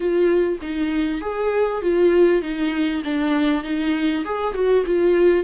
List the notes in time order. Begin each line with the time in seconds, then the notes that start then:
0.00 F4
0.61 D#4
1.21 G#4
1.82 F4
2.42 D#4
3.04 D4
3.63 D#4
4.24 G#4
4.54 F#4
4.86 F4